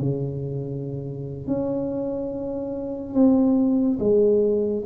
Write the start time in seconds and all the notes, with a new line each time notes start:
0.00 C#3
1.48 C#4
3.14 C4
4.00 G#3